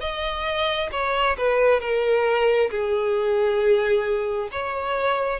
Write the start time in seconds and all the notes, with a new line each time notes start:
0.00 D#5
0.91 C#5
1.37 B4
1.80 A#4
2.70 G#4
4.51 C#5